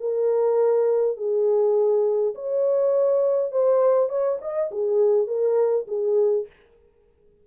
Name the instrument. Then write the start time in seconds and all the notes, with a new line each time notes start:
horn
0.00 A#4
1.17 G#4
2.35 C#5
3.52 C5
4.09 C#5
4.41 D#5
4.71 G#4
5.27 A#4
5.88 G#4